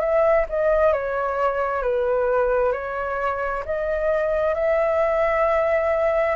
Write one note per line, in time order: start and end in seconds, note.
0.00 0.45 E5
0.49 0.93 D#5
0.93 1.83 C#5
1.83 2.73 B4
2.73 3.64 C#5
3.66 4.55 D#5
4.55 6.36 E5